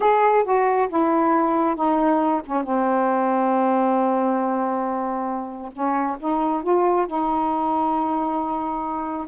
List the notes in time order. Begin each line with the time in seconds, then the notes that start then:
0.00 G#4
0.44 F#4
0.88 E4
1.75 D#4
2.45 C#4
2.63 C4
5.72 C#4
6.19 D#4
6.62 F4
7.06 D#4